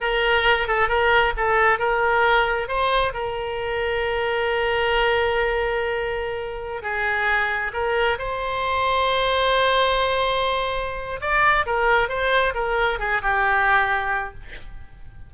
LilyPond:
\new Staff \with { instrumentName = "oboe" } { \time 4/4 \tempo 4 = 134 ais'4. a'8 ais'4 a'4 | ais'2 c''4 ais'4~ | ais'1~ | ais'2.~ ais'16 gis'8.~ |
gis'4~ gis'16 ais'4 c''4.~ c''16~ | c''1~ | c''4 d''4 ais'4 c''4 | ais'4 gis'8 g'2~ g'8 | }